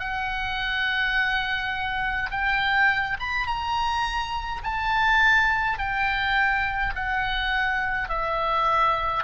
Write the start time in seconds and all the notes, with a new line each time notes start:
0.00 F#5
2.31 G5
3.20 B5
3.47 A#5
4.64 A5
5.79 G5
6.95 F#5
8.09 E5